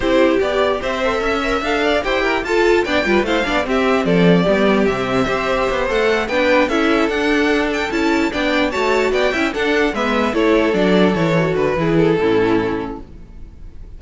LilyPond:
<<
  \new Staff \with { instrumentName = "violin" } { \time 4/4 \tempo 4 = 148 c''4 d''4 e''2 | f''4 g''4 a''4 g''4 | f''4 e''4 d''2 | e''2~ e''8 fis''4 g''8~ |
g''8 e''4 fis''4. g''8 a''8~ | a''8 g''4 a''4 g''4 fis''8~ | fis''8 e''4 cis''4 d''4 cis''8~ | cis''8 b'4 a'2~ a'8 | }
  \new Staff \with { instrumentName = "violin" } { \time 4/4 g'2 c''4 e''4~ | e''8 d''8 c''8 ais'8 a'4 d''8 b'8 | c''8 d''8 g'4 a'4 g'4~ | g'4 c''2~ c''8 b'8~ |
b'8 a'2.~ a'8~ | a'8 d''4 cis''4 d''8 e''8 a'8~ | a'8 b'4 a'2~ a'8~ | a'4 gis'4 e'2 | }
  \new Staff \with { instrumentName = "viola" } { \time 4/4 e'4 g'4. a'4 ais'8 | a'4 g'4 f'4 d'8 f'8 | e'8 d'8 c'2 b4 | c'4 g'4. a'4 d'8~ |
d'8 e'4 d'2 e'8~ | e'8 d'4 fis'4. e'8 d'8~ | d'8 b4 e'4 d'4 e'8 | fis'4 e'4 cis'2 | }
  \new Staff \with { instrumentName = "cello" } { \time 4/4 c'4 b4 c'4 cis'4 | d'4 e'4 f'4 b8 g8 | a8 b8 c'4 f4 g4 | c4 c'4 b8 a4 b8~ |
b8 cis'4 d'2 cis'8~ | cis'8 b4 a4 b8 cis'8 d'8~ | d'8 gis4 a4 fis4 e8~ | e8 d8 e4 a,2 | }
>>